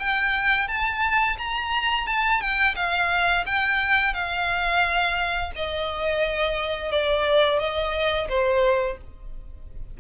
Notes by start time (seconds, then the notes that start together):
0.00 G5
0.68 A5
1.38 A#5
2.07 A5
2.41 G5
2.76 F5
3.46 G5
4.14 F5
5.56 D#5
6.92 D5
7.60 D#5
8.29 C5